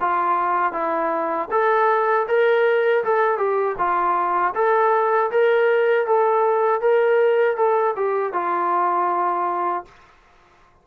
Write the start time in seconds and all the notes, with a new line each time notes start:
0.00 F4
0.72 E4
1.51 A4
2.28 A#4
3.04 A4
3.38 G4
3.78 F4
4.54 A4
5.31 A#4
6.07 A4
6.81 A#4
7.56 A4
7.96 G4
8.33 F4